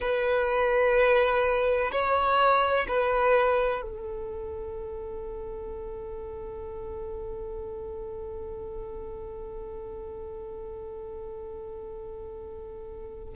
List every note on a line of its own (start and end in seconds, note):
0.00 1.91 B4
1.91 2.86 C#5
2.88 3.82 B4
3.82 13.34 A4